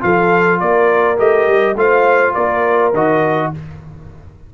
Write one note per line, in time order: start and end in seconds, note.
0.00 0.61 F3
0.00 1.17 F4
0.00 0.60 A4
0.00 0.60 F5
0.60 1.19 A#3
0.60 1.77 A#4
0.60 1.18 D5
1.17 1.47 A3
1.17 1.75 G4
1.17 1.77 D#5
1.47 1.75 G3
1.75 2.33 A3
1.75 2.94 F4
1.75 2.34 C5
1.75 2.34 F5
2.34 2.93 A#3
2.34 3.50 A#4
2.34 2.92 D5
2.93 3.51 D#3
2.93 3.54 F#4
2.93 3.53 D#5